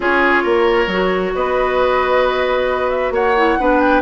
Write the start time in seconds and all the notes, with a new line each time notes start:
0.00 C#4 F4 G#4 C#5
0.43 A#3 A#4
0.86 F#3 F#4
1.34 B3 B4 D#5
2.90 E5
3.11 A#3 C#5 F#5
3.37 E4
3.59 B3 D4 B4
3.80 G5